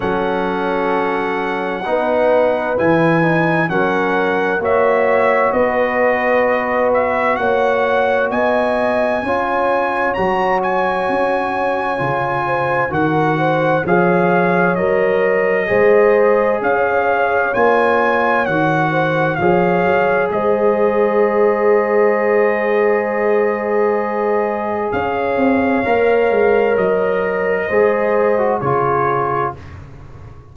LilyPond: <<
  \new Staff \with { instrumentName = "trumpet" } { \time 4/4 \tempo 4 = 65 fis''2. gis''4 | fis''4 e''4 dis''4. e''8 | fis''4 gis''2 ais''8 gis''8~ | gis''2 fis''4 f''4 |
dis''2 f''4 gis''4 | fis''4 f''4 dis''2~ | dis''2. f''4~ | f''4 dis''2 cis''4 | }
  \new Staff \with { instrumentName = "horn" } { \time 4/4 a'2 b'2 | ais'4 cis''4 b'2 | cis''4 dis''4 cis''2~ | cis''4. c''8 ais'8 c''8 cis''4~ |
cis''4 c''4 cis''2~ | cis''8 c''8 cis''4 c''2~ | c''2. cis''4~ | cis''2 c''4 gis'4 | }
  \new Staff \with { instrumentName = "trombone" } { \time 4/4 cis'2 dis'4 e'8 dis'8 | cis'4 fis'2.~ | fis'2 f'4 fis'4~ | fis'4 f'4 fis'4 gis'4 |
ais'4 gis'2 f'4 | fis'4 gis'2.~ | gis'1 | ais'2 gis'8. fis'16 f'4 | }
  \new Staff \with { instrumentName = "tuba" } { \time 4/4 fis2 b4 e4 | fis4 ais4 b2 | ais4 b4 cis'4 fis4 | cis'4 cis4 dis4 f4 |
fis4 gis4 cis'4 ais4 | dis4 f8 fis8 gis2~ | gis2. cis'8 c'8 | ais8 gis8 fis4 gis4 cis4 | }
>>